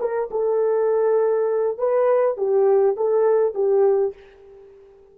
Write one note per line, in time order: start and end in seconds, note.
0.00 0.30 A#4
0.31 1.78 A4
1.78 2.38 B4
2.38 2.97 G4
2.97 3.55 A4
3.55 4.14 G4